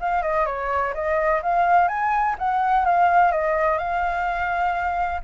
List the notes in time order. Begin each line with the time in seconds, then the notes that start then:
0.00 F5
0.23 D#5
0.46 C#5
0.94 D#5
1.42 F5
1.88 G#5
2.39 F#5
2.85 F5
3.32 D#5
3.78 F5